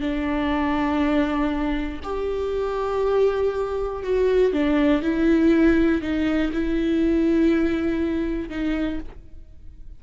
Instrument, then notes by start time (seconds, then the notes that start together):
viola
0.00 D4
2.03 G4
4.03 F#4
4.52 D4
5.02 E4
6.01 D#4
6.52 E4
8.49 D#4